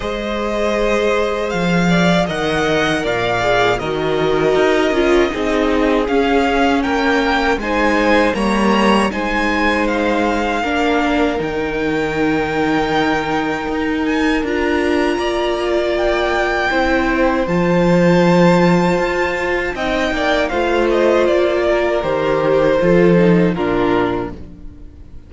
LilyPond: <<
  \new Staff \with { instrumentName = "violin" } { \time 4/4 \tempo 4 = 79 dis''2 f''4 fis''4 | f''4 dis''2. | f''4 g''4 gis''4 ais''4 | gis''4 f''2 g''4~ |
g''2~ g''8 gis''8 ais''4~ | ais''4 g''2 a''4~ | a''2 g''4 f''8 dis''8 | d''4 c''2 ais'4 | }
  \new Staff \with { instrumentName = "violin" } { \time 4/4 c''2~ c''8 d''8 dis''4 | d''4 ais'2 gis'4~ | gis'4 ais'4 c''4 cis''4 | c''2 ais'2~ |
ais'1 | d''2 c''2~ | c''2 dis''8 d''8 c''4~ | c''8 ais'4. a'4 f'4 | }
  \new Staff \with { instrumentName = "viola" } { \time 4/4 gis'2. ais'4~ | ais'8 gis'8 fis'4. f'8 dis'4 | cis'2 dis'4 ais4 | dis'2 d'4 dis'4~ |
dis'2. f'4~ | f'2 e'4 f'4~ | f'2 dis'4 f'4~ | f'4 g'4 f'8 dis'8 d'4 | }
  \new Staff \with { instrumentName = "cello" } { \time 4/4 gis2 f4 dis4 | ais,4 dis4 dis'8 cis'8 c'4 | cis'4 ais4 gis4 g4 | gis2 ais4 dis4~ |
dis2 dis'4 d'4 | ais2 c'4 f4~ | f4 f'4 c'8 ais8 a4 | ais4 dis4 f4 ais,4 | }
>>